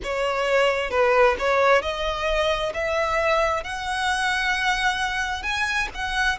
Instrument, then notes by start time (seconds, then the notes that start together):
violin
0.02 C#5
0.90 B4
1.38 C#5
1.82 D#5
2.74 E5
3.63 F#5
5.43 G#5
5.94 F#5